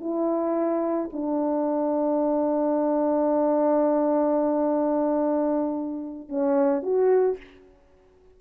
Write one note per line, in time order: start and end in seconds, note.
0.00 1.09 E4
1.12 6.29 D4
6.29 6.82 C#4
6.82 7.37 F#4